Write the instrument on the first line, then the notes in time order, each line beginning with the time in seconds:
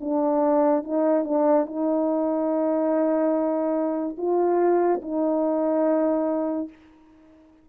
horn
0.00 D4
0.83 D#4
1.24 D4
1.66 D#4
4.17 F4
5.02 D#4